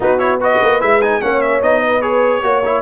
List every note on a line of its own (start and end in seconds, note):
0.00 0.58 B3
0.00 0.18 D#4
0.00 0.40 F#4
0.00 0.18 B4
0.18 0.38 E4
0.18 0.39 C#5
0.40 0.80 F#4
0.40 1.21 B4
0.40 0.81 D#5
0.61 0.81 A#3
0.80 1.22 G#3
0.80 1.00 E4
0.80 1.01 E5
1.01 1.21 D#4
1.01 1.21 G#5
1.21 1.62 A#3
1.21 1.62 C#4
1.21 1.80 C#5
1.21 1.41 F#5
1.41 1.61 E5
1.62 2.42 B3
1.62 2.01 D#4
1.62 2.01 D#5
1.80 2.41 B4
2.01 2.42 G#4
2.01 2.82 C#5
2.42 2.82 A#3
2.42 2.62 F#4
2.42 2.82 C#5
2.65 2.82 E4